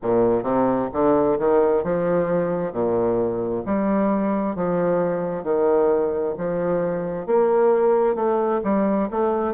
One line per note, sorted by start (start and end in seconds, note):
0.02 0.43 A#2
0.43 0.88 C3
0.92 1.38 D3
1.38 1.83 D#3
1.83 2.72 F3
2.72 3.63 A#2
3.65 4.55 G3
4.55 5.43 F3
5.43 6.34 D#3
6.37 7.26 F3
7.26 8.15 A#3
8.15 8.60 A3
8.63 9.09 G3
9.10 9.54 A3